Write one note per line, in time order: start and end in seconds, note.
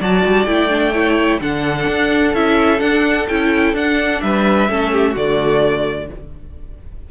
0.00 0.24 F#3
0.00 0.47 F#4
0.00 0.93 D5
0.00 0.45 A5
0.25 0.46 G3
0.45 1.40 A3
0.45 0.69 E4
0.45 1.39 G5
0.69 0.92 D4
0.93 1.40 E4
0.93 1.40 C#5
1.40 1.87 D3
1.40 2.34 D4
1.40 4.23 A4
1.40 2.34 F#5
1.88 2.33 D4
2.33 2.80 C#4
2.33 2.78 E4
2.33 2.80 E5
2.78 3.25 D4
2.78 3.28 D4
2.78 3.27 F#5
3.28 3.73 C#4
3.28 3.75 E4
3.28 3.75 G5
3.73 4.20 D4
3.73 4.69 D4
3.73 4.21 F#5
4.21 4.69 G3
4.21 4.71 B4
4.21 5.15 E5
4.69 5.15 A3
4.69 5.16 C#4
4.69 4.92 A4
4.92 5.12 G4
5.12 6.09 D3
5.12 6.10 A3
5.12 6.06 F#4
5.12 6.11 D5